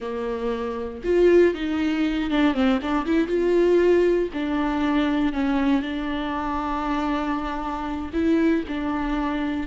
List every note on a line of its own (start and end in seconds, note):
0.00 1.02 A#3
1.04 1.54 F4
1.54 2.30 D#4
2.30 2.54 D4
2.54 2.79 C4
2.82 3.05 D4
3.05 3.27 E4
3.27 4.29 F4
4.33 5.33 D4
5.33 5.82 C#4
5.82 8.10 D4
8.13 8.63 E4
8.68 9.66 D4